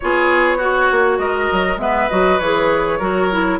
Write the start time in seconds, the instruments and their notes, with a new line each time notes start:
0.00 bassoon B3, clarinet F4, oboe G#4, flute C#5
0.57 oboe F#4, clarinet F#4
0.91 bassoon A#3
1.18 bassoon G#3, oboe A#4, flute D#5
1.52 bassoon F#3
1.76 bassoon G#3, clarinet B3, oboe B4, flute E5
2.09 bassoon F#3, clarinet F#4, flute D#5
2.39 bassoon E3, clarinet G#4, flute C#5
2.98 bassoon F#3, clarinet F#4, oboe A#4
3.30 clarinet E4